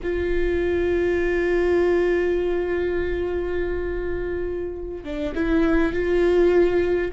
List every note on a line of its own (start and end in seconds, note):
0.03 5.04 F4
5.04 5.33 D4
5.35 5.92 E4
5.92 7.11 F4